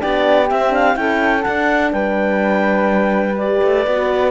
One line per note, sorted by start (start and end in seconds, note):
0.00 0.51 B3
0.00 0.48 D4
0.00 0.96 G4
0.00 0.48 D5
0.49 0.96 C4
0.49 0.69 C4
0.49 0.73 E5
0.69 0.93 D4
0.69 0.96 F5
0.93 1.44 C#4
0.93 1.41 E4
0.93 1.43 G5
0.99 1.93 A4
1.43 3.37 D4
1.43 1.93 D4
1.43 1.91 F#5
1.92 3.61 G3
1.92 4.30 B4
1.92 3.36 G5
3.37 3.87 G4
3.37 4.30 D5
3.62 3.86 A3
3.86 4.30 B3
3.86 4.30 F#4